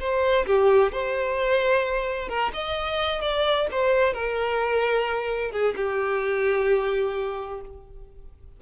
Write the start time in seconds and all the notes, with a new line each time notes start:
0.00 C5
0.47 G4
0.93 C5
2.29 A#4
2.54 D#5
3.22 D5
3.72 C5
4.14 A#4
5.52 G#4
5.77 G4